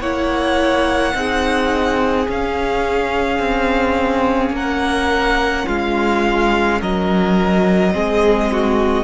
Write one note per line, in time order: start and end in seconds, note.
0.00 1.13 A#3
0.00 1.13 E4
0.00 1.13 C#5
0.00 2.28 F#5
1.13 2.27 C4
1.13 2.26 D#4
1.13 4.55 G#4
2.27 7.92 C#4
2.27 3.39 C#4
2.27 4.55 F5
3.39 4.50 C4
4.50 5.63 A#3
4.50 5.66 A#4
4.50 5.67 F#5
5.66 6.81 G#3
5.66 6.79 F4
5.66 6.81 F5
6.80 7.95 F#3
6.80 7.93 A#4
6.80 9.04 D#5
7.92 9.04 G#3
7.92 9.04 C4
7.92 8.50 G#4
8.51 9.04 F#4